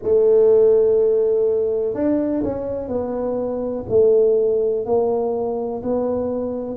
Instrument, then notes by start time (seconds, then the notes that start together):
tuba
0.02 A3
1.94 D4
2.43 C#4
2.88 B3
3.88 A3
4.85 A#3
5.82 B3